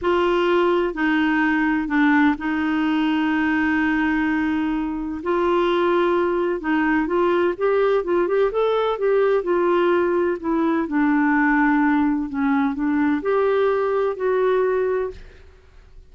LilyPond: \new Staff \with { instrumentName = "clarinet" } { \time 4/4 \tempo 4 = 127 f'2 dis'2 | d'4 dis'2.~ | dis'2. f'4~ | f'2 dis'4 f'4 |
g'4 f'8 g'8 a'4 g'4 | f'2 e'4 d'4~ | d'2 cis'4 d'4 | g'2 fis'2 | }